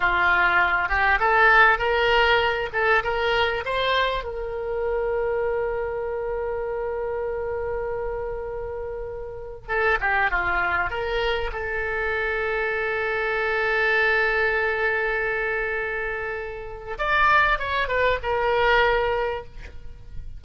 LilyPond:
\new Staff \with { instrumentName = "oboe" } { \time 4/4 \tempo 4 = 99 f'4. g'8 a'4 ais'4~ | ais'8 a'8 ais'4 c''4 ais'4~ | ais'1~ | ais'1 |
a'8 g'8 f'4 ais'4 a'4~ | a'1~ | a'1 | d''4 cis''8 b'8 ais'2 | }